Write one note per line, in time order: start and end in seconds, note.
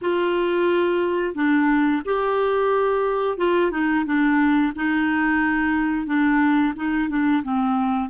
0.01 1.35 F4
1.35 2.02 D4
2.05 3.37 G4
3.37 3.71 F4
3.71 4.04 D#4
4.05 4.73 D4
4.75 6.06 D#4
6.06 6.73 D4
6.75 7.09 D#4
7.09 7.42 D4
7.43 8.09 C4